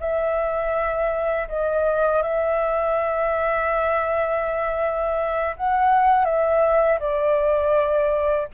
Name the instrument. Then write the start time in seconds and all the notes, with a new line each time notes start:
flute
0.00 E5
1.48 D#5
2.22 E5
5.57 F#5
6.25 E5
7.00 D5